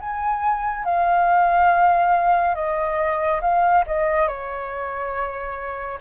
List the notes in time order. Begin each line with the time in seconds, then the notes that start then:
0.00 G#5
0.84 F5
2.55 D#5
3.41 F5
3.86 D#5
4.27 C#5